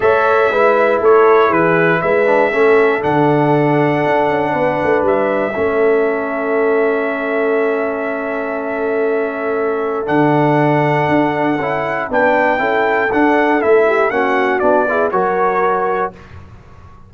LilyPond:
<<
  \new Staff \with { instrumentName = "trumpet" } { \time 4/4 \tempo 4 = 119 e''2 cis''4 b'4 | e''2 fis''2~ | fis''2 e''2~ | e''1~ |
e''1 | fis''1 | g''2 fis''4 e''4 | fis''4 d''4 cis''2 | }
  \new Staff \with { instrumentName = "horn" } { \time 4/4 cis''4 b'4 a'4 gis'4 | b'4 a'2.~ | a'4 b'2 a'4~ | a'1~ |
a'1~ | a'1 | b'4 a'2~ a'8 g'8 | fis'4. gis'8 ais'2 | }
  \new Staff \with { instrumentName = "trombone" } { \time 4/4 a'4 e'2.~ | e'8 d'8 cis'4 d'2~ | d'2. cis'4~ | cis'1~ |
cis'1 | d'2. e'4 | d'4 e'4 d'4 e'4 | cis'4 d'8 e'8 fis'2 | }
  \new Staff \with { instrumentName = "tuba" } { \time 4/4 a4 gis4 a4 e4 | gis4 a4 d2 | d'8 cis'8 b8 a8 g4 a4~ | a1~ |
a1 | d2 d'4 cis'4 | b4 cis'4 d'4 a4 | ais4 b4 fis2 | }
>>